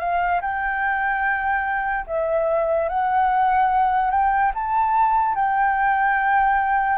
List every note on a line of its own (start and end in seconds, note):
0.00 0.41 F5
0.41 2.06 G5
2.07 2.89 E5
2.89 4.11 F#5
4.11 4.52 G5
4.55 5.35 A5
5.35 6.98 G5